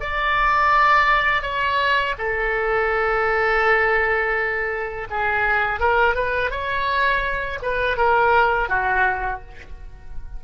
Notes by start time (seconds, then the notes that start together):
0.00 D5
1.42 C#5
2.18 A4
5.10 G#4
5.80 A#4
6.15 B4
6.50 C#5
7.62 B4
7.97 A#4
8.68 F#4